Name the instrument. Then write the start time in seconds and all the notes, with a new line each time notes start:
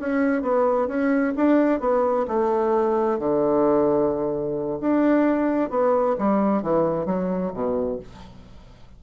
bassoon
0.00 C#4
0.42 B3
0.88 C#4
1.36 D4
1.80 B3
2.28 A3
3.19 D3
4.81 D4
5.70 B3
6.18 G3
6.63 E3
7.06 F#3
7.54 B2